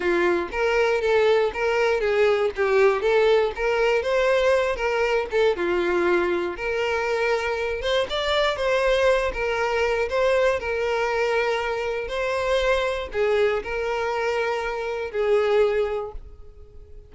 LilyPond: \new Staff \with { instrumentName = "violin" } { \time 4/4 \tempo 4 = 119 f'4 ais'4 a'4 ais'4 | gis'4 g'4 a'4 ais'4 | c''4. ais'4 a'8 f'4~ | f'4 ais'2~ ais'8 c''8 |
d''4 c''4. ais'4. | c''4 ais'2. | c''2 gis'4 ais'4~ | ais'2 gis'2 | }